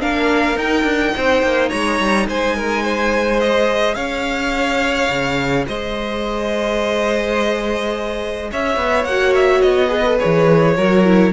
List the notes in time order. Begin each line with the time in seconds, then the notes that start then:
0.00 A#3 D4 A#4 F5
0.56 D#4 G5
0.84 D4
1.17 C4 C5
1.43 A#3
1.70 G#3 C#5 A#5
2.00 G3
2.29 G#3 C5 G#5
2.56 A#4
2.83 C5
3.41 G#4 D#5
3.96 C#4 C#5 F5
5.10 C#3
5.68 G#3 C5 D#5
8.52 C#4 C#5 E5
8.77 B3
9.05 A#3 F#4 F#5
9.35 E5
9.62 B3 D#5
9.88 G#4 B4
10.07 A4
10.19 G#4 C#5
10.25 E3
10.77 F#3 F#4 A#4
11.05 E4